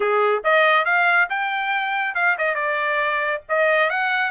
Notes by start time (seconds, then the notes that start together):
0.00 G#4
0.44 D#5
0.85 F5
1.29 G5
2.15 F5
2.38 D#5
2.54 D5
3.48 D#5
3.90 F#5